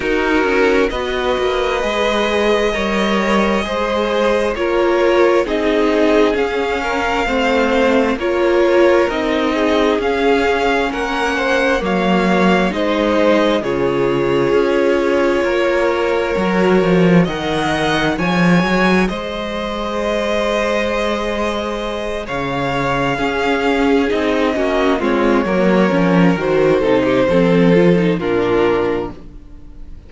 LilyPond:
<<
  \new Staff \with { instrumentName = "violin" } { \time 4/4 \tempo 4 = 66 ais'4 dis''2.~ | dis''4 cis''4 dis''4 f''4~ | f''4 cis''4 dis''4 f''4 | fis''4 f''4 dis''4 cis''4~ |
cis''2. fis''4 | gis''4 dis''2.~ | dis''8 f''2 dis''4 cis''8~ | cis''4 c''2 ais'4 | }
  \new Staff \with { instrumentName = "violin" } { \time 4/4 fis'4 b'2 cis''4 | c''4 ais'4 gis'4. ais'8 | c''4 ais'4. gis'4. | ais'8 c''8 cis''4 c''4 gis'4~ |
gis'4 ais'2 dis''4 | cis''4 c''2.~ | c''8 cis''4 gis'4. fis'8 f'8 | ais'4. a'16 g'16 a'4 f'4 | }
  \new Staff \with { instrumentName = "viola" } { \time 4/4 dis'4 fis'4 gis'4 ais'4 | gis'4 f'4 dis'4 cis'4 | c'4 f'4 dis'4 cis'4~ | cis'4 ais4 dis'4 f'4~ |
f'2 fis'4 ais'4 | gis'1~ | gis'4. cis'4 dis'8 cis'8 c'8 | ais8 cis'8 fis'8 dis'8 c'8 f'16 dis'16 d'4 | }
  \new Staff \with { instrumentName = "cello" } { \time 4/4 dis'8 cis'8 b8 ais8 gis4 g4 | gis4 ais4 c'4 cis'4 | a4 ais4 c'4 cis'4 | ais4 fis4 gis4 cis4 |
cis'4 ais4 fis8 f8 dis4 | f8 fis8 gis2.~ | gis8 cis4 cis'4 c'8 ais8 gis8 | fis8 f8 dis8 c8 f4 ais,4 | }
>>